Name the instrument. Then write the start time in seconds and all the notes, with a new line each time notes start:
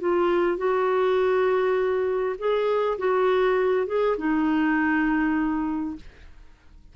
clarinet
0.00 F4
0.58 F#4
2.39 G#4
2.98 F#4
3.87 G#4
4.18 D#4